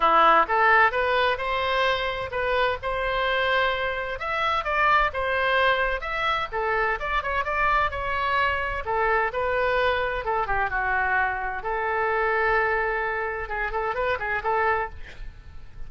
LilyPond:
\new Staff \with { instrumentName = "oboe" } { \time 4/4 \tempo 4 = 129 e'4 a'4 b'4 c''4~ | c''4 b'4 c''2~ | c''4 e''4 d''4 c''4~ | c''4 e''4 a'4 d''8 cis''8 |
d''4 cis''2 a'4 | b'2 a'8 g'8 fis'4~ | fis'4 a'2.~ | a'4 gis'8 a'8 b'8 gis'8 a'4 | }